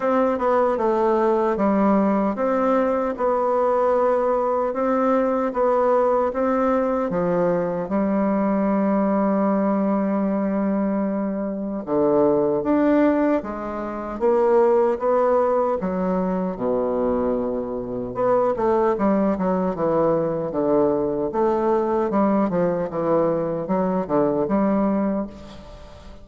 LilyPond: \new Staff \with { instrumentName = "bassoon" } { \time 4/4 \tempo 4 = 76 c'8 b8 a4 g4 c'4 | b2 c'4 b4 | c'4 f4 g2~ | g2. d4 |
d'4 gis4 ais4 b4 | fis4 b,2 b8 a8 | g8 fis8 e4 d4 a4 | g8 f8 e4 fis8 d8 g4 | }